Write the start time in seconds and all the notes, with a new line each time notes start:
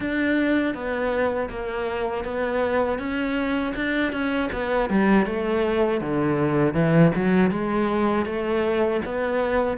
0.00 D4
0.74 B3
1.49 A#3
2.24 B3
2.98 C#4
3.75 D4
4.12 C#4
4.52 B3
4.89 G3
5.25 A3
6.00 D3
6.74 E3
7.15 F#3
7.50 G#3
8.25 A3
9.05 B3